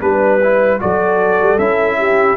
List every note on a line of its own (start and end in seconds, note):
0.00 0.80 G3
0.00 0.39 D4
0.00 0.80 B4
0.42 0.80 E4
0.80 1.41 F#3
0.80 1.59 F#4
0.80 1.97 A4
0.80 1.58 D5
1.41 1.58 G3
1.58 2.37 C#4
1.58 2.37 E4
1.58 2.37 E5
1.97 2.37 G4